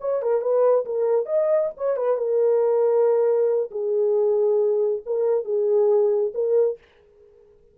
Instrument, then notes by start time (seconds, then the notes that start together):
horn
0.00 C#5
0.22 A#4
0.41 B4
0.85 A#4
1.26 D#5
1.77 C#5
1.96 B4
2.17 A#4
3.71 G#4
5.05 A#4
5.44 G#4
6.34 A#4